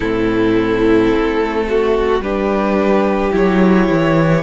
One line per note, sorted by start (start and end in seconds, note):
0.00 1.12 A2
0.00 2.23 C4
0.00 1.65 E4
0.00 2.21 A4
1.14 2.20 A3
1.68 2.23 F#4
2.20 3.31 G3
2.20 3.32 D4
2.20 4.42 G4
2.20 3.32 B4
3.32 3.88 F#3
3.32 4.42 E4
3.32 4.42 C#5
3.89 4.42 E3